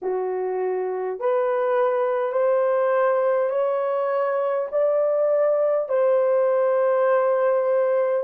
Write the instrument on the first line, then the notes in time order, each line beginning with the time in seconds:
horn
0.02 F#4
1.19 B4
2.32 C5
3.50 C#5
4.71 D5
5.88 C5